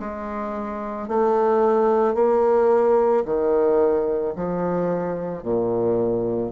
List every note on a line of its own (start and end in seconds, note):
0.00 1.09 G#3
1.09 2.15 A3
2.15 3.24 A#3
3.25 4.34 D#3
4.36 5.43 F3
5.43 6.52 A#2